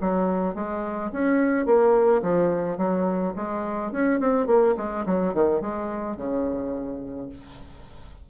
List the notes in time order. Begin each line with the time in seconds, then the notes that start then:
0.00 F#3
0.55 G#3
1.12 C#4
1.65 A#3
2.22 F3
2.77 F#3
3.35 G#3
3.92 C#4
4.20 C4
4.46 A#3
4.77 G#3
5.05 F#3
5.34 D#3
5.61 G#3
6.16 C#3